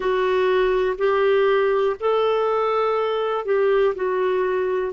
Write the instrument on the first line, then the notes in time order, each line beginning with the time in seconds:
clarinet
0.00 F#4
0.97 G4
1.99 A4
3.45 G4
3.95 F#4